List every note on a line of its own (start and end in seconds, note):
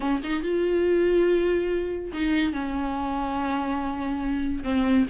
0.00 0.21 C#4
0.23 0.42 D#4
0.42 2.11 F4
2.13 2.52 D#4
2.52 4.63 C#4
4.63 5.06 C4